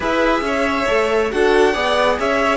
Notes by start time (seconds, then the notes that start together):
0.00 E4 G#4 B4 E5
0.41 C#4 C#5
0.87 A3 A4
1.31 D4 F#4 A4 F#5
1.72 B3 G#4 D5
2.19 C#4 C#5 E5